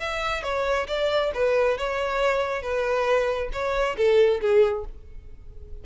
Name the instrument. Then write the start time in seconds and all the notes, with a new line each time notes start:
violin
0.00 E5
0.43 C#5
0.88 D5
1.34 B4
1.78 C#5
2.62 B4
3.53 C#5
3.97 A4
4.41 G#4